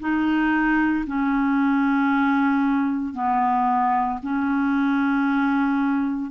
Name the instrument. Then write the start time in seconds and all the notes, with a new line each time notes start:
clarinet
0.00 D#4
1.07 C#4
3.14 B3
4.23 C#4